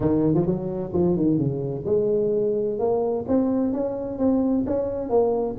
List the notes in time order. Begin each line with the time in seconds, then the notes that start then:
0.00 D#3
0.34 F3
0.45 F#3
0.93 F3
1.16 D#3
1.38 C#3
1.85 G#3
2.78 A#3
3.27 C4
3.73 C#4
4.18 C4
4.66 C#4
5.09 A#3